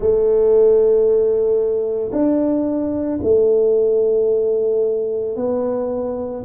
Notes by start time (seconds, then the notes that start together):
0.00 A3
2.12 D4
3.22 A3
5.36 B3